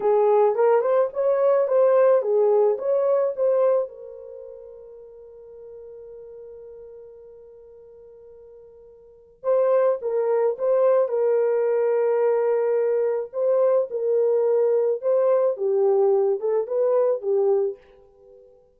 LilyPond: \new Staff \with { instrumentName = "horn" } { \time 4/4 \tempo 4 = 108 gis'4 ais'8 c''8 cis''4 c''4 | gis'4 cis''4 c''4 ais'4~ | ais'1~ | ais'1~ |
ais'4 c''4 ais'4 c''4 | ais'1 | c''4 ais'2 c''4 | g'4. a'8 b'4 g'4 | }